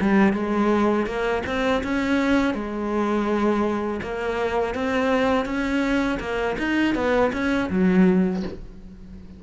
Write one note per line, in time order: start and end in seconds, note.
0.00 0.33 G3
0.33 1.06 G#3
1.06 1.42 A#3
1.46 1.82 C4
1.83 2.54 C#4
2.54 4.00 G#3
4.02 4.74 A#3
4.74 5.45 C4
5.45 6.18 C#4
6.19 6.56 A#3
6.58 6.94 D#4
6.94 7.31 B3
7.32 7.69 C#4
7.69 8.42 F#3